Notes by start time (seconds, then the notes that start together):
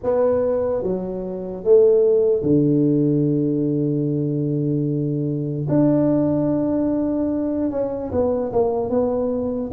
0.03 B3
0.83 F#3
1.64 A3
2.42 D3
5.69 D4
7.70 C#4
8.11 B3
8.52 A#3
8.89 B3